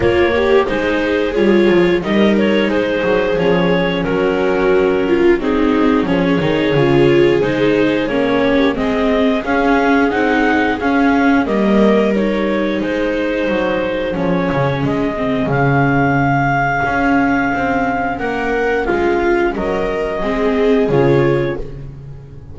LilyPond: <<
  \new Staff \with { instrumentName = "clarinet" } { \time 4/4 \tempo 4 = 89 cis''4 c''4 cis''4 dis''8 cis''8 | c''4 cis''4 ais'2 | gis'4 cis''2 c''4 | cis''4 dis''4 f''4 fis''4 |
f''4 dis''4 cis''4 c''4~ | c''4 cis''4 dis''4 f''4~ | f''2. fis''4 | f''4 dis''2 cis''4 | }
  \new Staff \with { instrumentName = "viola" } { \time 4/4 f'8 g'8 gis'2 ais'4 | gis'2 fis'4. f'8 | dis'4 gis'2.~ | gis'8 g'8 gis'2.~ |
gis'4 ais'2 gis'4~ | gis'1~ | gis'2. ais'4 | f'4 ais'4 gis'2 | }
  \new Staff \with { instrumentName = "viola" } { \time 4/4 ais4 dis'4 f'4 dis'4~ | dis'4 cis'2. | c'4 cis'8 dis'8 f'4 dis'4 | cis'4 c'4 cis'4 dis'4 |
cis'4 ais4 dis'2~ | dis'4 cis'4. c'8 cis'4~ | cis'1~ | cis'2 c'4 f'4 | }
  \new Staff \with { instrumentName = "double bass" } { \time 4/4 ais4 gis4 g8 f8 g4 | gis8 fis8 f4 fis2~ | fis4 f8 dis8 cis4 gis4 | ais4 gis4 cis'4 c'4 |
cis'4 g2 gis4 | fis4 f8 cis8 gis4 cis4~ | cis4 cis'4 c'4 ais4 | gis4 fis4 gis4 cis4 | }
>>